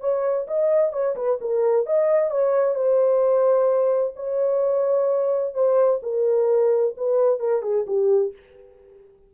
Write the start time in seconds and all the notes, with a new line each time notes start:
0.00 C#5
0.47 D#5
0.92 C#5
1.16 B4
1.41 A#4
1.86 D#5
2.31 C#5
2.75 C5
4.15 C#5
5.54 C5
6.02 A#4
6.97 B4
7.39 A#4
7.62 G#4
7.87 G4